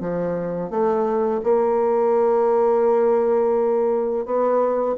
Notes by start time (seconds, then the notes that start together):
0.00 F3
0.70 A3
1.43 A#3
4.25 B3